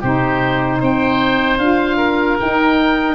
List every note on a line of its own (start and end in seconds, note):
0.00 0.81 C3
0.00 1.59 D#4
0.00 0.79 G4
0.00 0.82 C5
0.80 1.58 C4
0.80 1.96 C5
0.80 1.58 G5
1.58 2.37 D4
1.58 2.38 F4
1.58 2.37 F5
1.96 3.14 A#4
2.40 3.14 D#4
2.40 3.14 G5